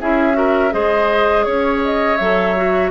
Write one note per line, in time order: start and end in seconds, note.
0.00 0.73 C#4
0.00 0.33 E4
0.00 0.37 G#4
0.00 0.73 E5
0.33 0.70 F#4
0.33 0.73 A#4
0.71 1.46 G#3
0.71 2.17 G#4
0.71 1.46 C5
0.71 1.44 D#5
1.44 2.19 C#4
1.44 1.80 C#5
1.44 2.91 C#5
1.85 2.17 D#5
2.17 2.91 F#3
2.17 2.56 A4
2.17 2.90 E5
2.56 2.91 F#4